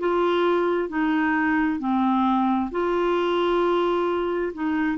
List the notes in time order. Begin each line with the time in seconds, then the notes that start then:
0.00 F4
0.89 D#4
1.80 C4
2.71 F4
4.54 D#4